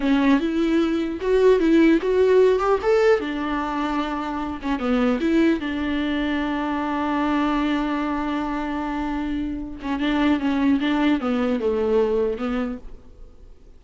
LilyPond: \new Staff \with { instrumentName = "viola" } { \time 4/4 \tempo 4 = 150 cis'4 e'2 fis'4 | e'4 fis'4. g'8 a'4 | d'2.~ d'8 cis'8 | b4 e'4 d'2~ |
d'1~ | d'1~ | d'8 cis'8 d'4 cis'4 d'4 | b4 a2 b4 | }